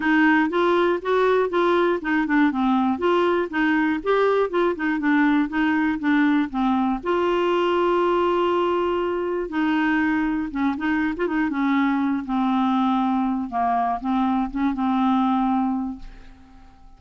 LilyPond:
\new Staff \with { instrumentName = "clarinet" } { \time 4/4 \tempo 4 = 120 dis'4 f'4 fis'4 f'4 | dis'8 d'8 c'4 f'4 dis'4 | g'4 f'8 dis'8 d'4 dis'4 | d'4 c'4 f'2~ |
f'2. dis'4~ | dis'4 cis'8 dis'8. f'16 dis'8 cis'4~ | cis'8 c'2~ c'8 ais4 | c'4 cis'8 c'2~ c'8 | }